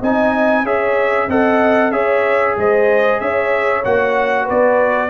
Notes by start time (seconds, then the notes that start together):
0.00 C4 D#4 D#5 G#5
0.64 C#4 G#4 C#5 E5
1.28 C4 A4 D#5 F#5
1.92 C#4 G#4 C#5 E5
2.57 G#3 C5 D#5
3.20 C#4 C#5 E5
3.85 A#3 F#4 F#5
4.44 B3 B4 D5